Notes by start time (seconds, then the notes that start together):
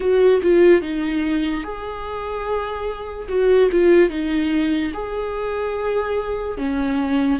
0.00 F#4
0.42 F4
0.81 D#4
1.63 G#4
3.28 F#4
3.71 F4
4.09 D#4
4.93 G#4
6.58 C#4